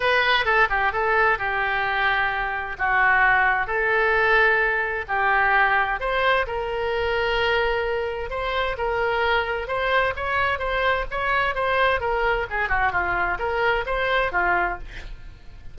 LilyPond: \new Staff \with { instrumentName = "oboe" } { \time 4/4 \tempo 4 = 130 b'4 a'8 g'8 a'4 g'4~ | g'2 fis'2 | a'2. g'4~ | g'4 c''4 ais'2~ |
ais'2 c''4 ais'4~ | ais'4 c''4 cis''4 c''4 | cis''4 c''4 ais'4 gis'8 fis'8 | f'4 ais'4 c''4 f'4 | }